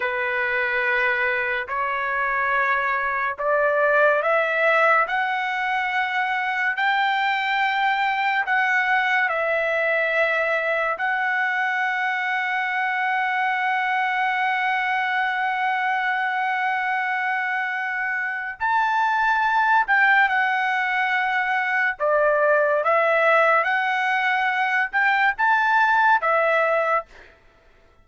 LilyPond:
\new Staff \with { instrumentName = "trumpet" } { \time 4/4 \tempo 4 = 71 b'2 cis''2 | d''4 e''4 fis''2 | g''2 fis''4 e''4~ | e''4 fis''2.~ |
fis''1~ | fis''2 a''4. g''8 | fis''2 d''4 e''4 | fis''4. g''8 a''4 e''4 | }